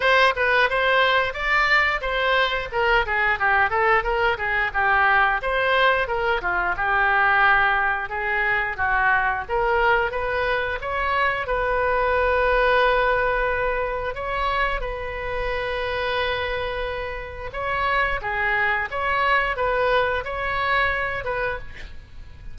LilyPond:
\new Staff \with { instrumentName = "oboe" } { \time 4/4 \tempo 4 = 89 c''8 b'8 c''4 d''4 c''4 | ais'8 gis'8 g'8 a'8 ais'8 gis'8 g'4 | c''4 ais'8 f'8 g'2 | gis'4 fis'4 ais'4 b'4 |
cis''4 b'2.~ | b'4 cis''4 b'2~ | b'2 cis''4 gis'4 | cis''4 b'4 cis''4. b'8 | }